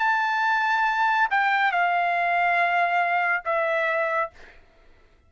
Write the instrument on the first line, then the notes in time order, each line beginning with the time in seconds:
trumpet
0.00 A5
1.31 G5
1.72 F5
3.45 E5